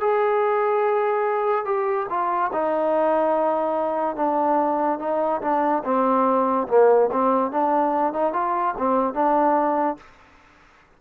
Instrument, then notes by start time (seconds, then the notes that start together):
trombone
0.00 G#4
1.65 G4
2.09 F4
2.52 D#4
4.16 D4
4.99 D#4
5.41 D4
5.84 C4
6.68 A#3
7.12 C4
7.51 D4
8.13 D#4
8.33 F4
8.78 C4
9.14 D4